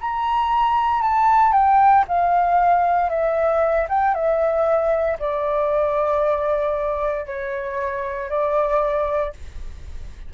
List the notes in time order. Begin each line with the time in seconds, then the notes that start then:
0.00 A#5
1.02 A5
1.52 G5
2.08 F5
3.09 E5
3.89 G5
4.14 E5
5.19 D5
7.26 C#5
8.29 D5